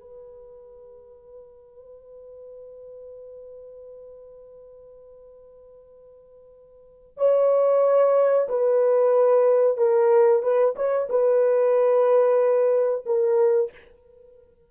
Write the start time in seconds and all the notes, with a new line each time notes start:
0.00 B4
7.17 C#5
8.49 B4
9.77 A#4
10.43 B4
10.76 C#5
11.09 B4
13.06 A#4